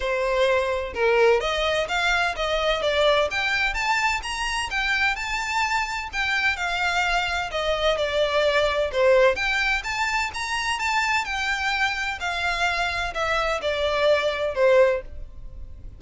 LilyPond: \new Staff \with { instrumentName = "violin" } { \time 4/4 \tempo 4 = 128 c''2 ais'4 dis''4 | f''4 dis''4 d''4 g''4 | a''4 ais''4 g''4 a''4~ | a''4 g''4 f''2 |
dis''4 d''2 c''4 | g''4 a''4 ais''4 a''4 | g''2 f''2 | e''4 d''2 c''4 | }